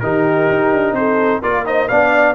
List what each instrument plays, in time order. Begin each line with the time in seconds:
0.00 tuba D#3, trombone D#4, horn G4, trumpet A#4
0.49 tuba D#4
0.72 tuba D4
0.92 tuba C4, horn A4, trumpet C5
1.41 tuba A#3, trombone F4, horn A#4, trumpet D5
1.65 trombone D#4, horn C5, trumpet D#5
1.88 tuba B3, trombone D4, horn D5, trumpet F5